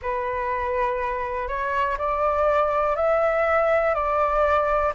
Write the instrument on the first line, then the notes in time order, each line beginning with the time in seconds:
flute
0.02 B4
1.48 C#5
1.98 D5
2.96 E5
3.94 D5